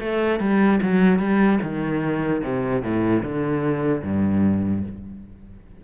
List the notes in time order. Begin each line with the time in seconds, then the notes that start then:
0.00 A3
0.40 G3
0.82 F#3
1.19 G3
1.63 D#3
2.44 C3
2.82 A2
3.23 D3
4.03 G2